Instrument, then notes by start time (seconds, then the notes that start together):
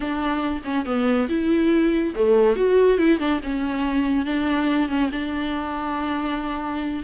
viola
0.00 D4
0.64 C#4
0.85 B3
1.29 E4
2.15 A3
2.56 F#4
2.98 E4
3.19 D4
3.43 C#4
4.25 D4
4.88 C#4
5.12 D4